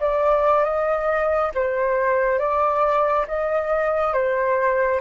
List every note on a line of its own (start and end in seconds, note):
0.00 0.64 D5
0.64 1.51 D#5
1.55 2.39 C5
2.39 3.26 D5
3.28 4.13 D#5
4.13 5.00 C5